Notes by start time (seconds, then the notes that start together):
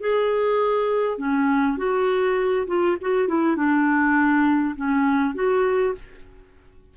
0.00 G#4
1.18 C#4
1.77 F#4
2.67 F4
3.01 F#4
3.28 E4
3.56 D4
4.76 C#4
5.35 F#4